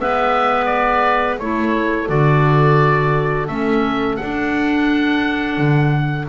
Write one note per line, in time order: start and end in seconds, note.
0.00 1.40 G#3
0.00 1.40 B3
0.00 1.40 B4
0.00 0.66 E5
0.66 1.35 D5
1.40 2.09 A3
1.40 2.08 E4
1.40 6.28 A4
1.40 2.09 C#5
2.08 3.49 D3
2.08 3.47 F#4
2.08 3.48 D5
3.48 4.19 A3
3.48 4.19 C#4
3.48 4.17 E5
4.17 6.29 D4
4.17 5.58 D4
4.17 6.26 F#5
5.58 6.27 D3